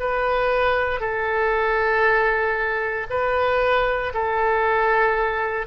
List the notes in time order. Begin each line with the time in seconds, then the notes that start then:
0.00 B4
1.01 A4
3.10 B4
4.14 A4